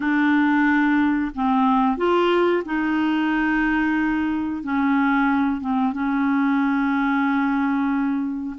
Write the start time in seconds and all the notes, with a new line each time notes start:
0.00 D4
1.34 C4
1.97 F4
2.65 D#4
4.63 C#4
5.60 C4
5.93 C#4